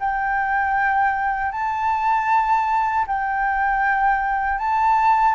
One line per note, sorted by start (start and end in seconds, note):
0.00 1.52 G5
1.52 3.06 A5
3.07 4.58 G5
4.58 5.35 A5